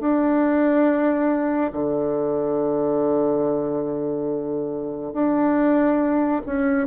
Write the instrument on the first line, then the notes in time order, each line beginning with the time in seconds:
bassoon
0.00 D4
1.72 D3
5.13 D4
6.46 C#4